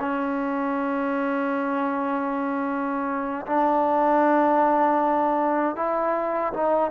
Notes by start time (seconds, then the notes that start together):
0.00 C#4
3.47 D4
5.77 E4
6.54 D#4